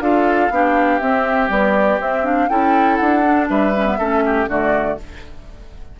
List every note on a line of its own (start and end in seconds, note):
0.00 0.50 D4
0.00 0.51 F4
0.00 0.52 A4
0.00 0.99 F5
0.50 1.00 B3
0.50 1.00 D4
0.50 2.50 G4
0.99 1.46 C4
0.99 1.50 C4
0.99 1.49 E5
1.46 1.96 G3
1.46 1.99 B3
1.46 2.00 D5
1.99 2.49 C4
1.99 2.24 C4
1.99 2.25 E5
2.24 2.48 D4
2.24 2.49 F5
2.49 3.00 C#4
2.49 3.23 E4
2.49 3.49 A4
2.49 2.96 G5
2.96 3.49 D4
2.96 3.45 F#5
3.23 3.73 D4
3.49 3.98 G3
3.49 3.98 B4
3.49 4.49 E5
3.76 3.86 C#4
3.86 3.99 B3
3.98 4.47 A3
3.98 4.48 C#4
3.98 4.23 A4
4.25 4.49 G4
4.47 4.97 D3
4.47 4.98 A3
4.47 4.98 F#4
4.47 5.00 D5